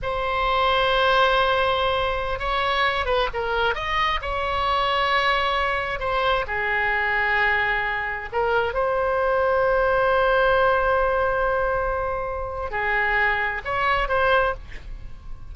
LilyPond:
\new Staff \with { instrumentName = "oboe" } { \time 4/4 \tempo 4 = 132 c''1~ | c''4~ c''16 cis''4. b'8 ais'8.~ | ais'16 dis''4 cis''2~ cis''8.~ | cis''4~ cis''16 c''4 gis'4.~ gis'16~ |
gis'2~ gis'16 ais'4 c''8.~ | c''1~ | c''1 | gis'2 cis''4 c''4 | }